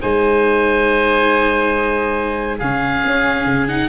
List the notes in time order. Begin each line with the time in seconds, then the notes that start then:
0.00 G#3 D#4 C5 G#5
2.58 C#3 C#4 G#4 F5
3.05 C#4
3.45 C#3
3.68 D#4 F#5